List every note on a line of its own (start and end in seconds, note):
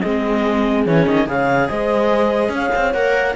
0.00 0.86 G#3
0.00 0.86 C4
0.00 1.27 G#4
0.00 0.83 D#5
0.86 1.06 E3
0.86 1.26 C#4
0.86 1.06 C#5
1.06 1.27 D#3
1.06 1.27 D#5
1.26 1.69 C#3
1.26 2.93 G#4
1.26 1.69 C#5
1.26 1.68 F5
1.68 2.49 G#3
1.68 2.52 C5
1.68 2.51 D#5
2.49 2.69 C#4
2.49 3.35 C#5
2.55 2.93 F5
2.75 2.94 C4
2.93 3.35 A#3
2.93 3.35 A#4
2.93 3.34 F#5